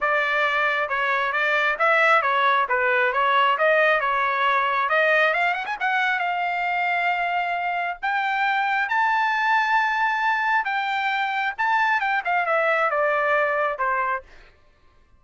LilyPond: \new Staff \with { instrumentName = "trumpet" } { \time 4/4 \tempo 4 = 135 d''2 cis''4 d''4 | e''4 cis''4 b'4 cis''4 | dis''4 cis''2 dis''4 | f''8 fis''16 gis''16 fis''4 f''2~ |
f''2 g''2 | a''1 | g''2 a''4 g''8 f''8 | e''4 d''2 c''4 | }